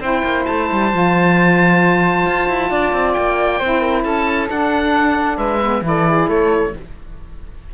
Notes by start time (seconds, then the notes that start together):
0.00 C4 E4 C5 G5
0.23 A#3
0.45 A3 A5
0.72 G3
0.92 F3 F4
2.26 F4
2.48 E4
2.70 D4 D5
2.93 C4
3.13 A#3 G5
3.59 C4 E4 C5
3.80 A#4
4.03 C#4 A4 A5
4.47 D4 F#5
5.37 G#3 B4 E5
5.60 B3
5.82 E3 E4 D5
5.88 A4
6.08 G#4
6.29 A3 A4 C#5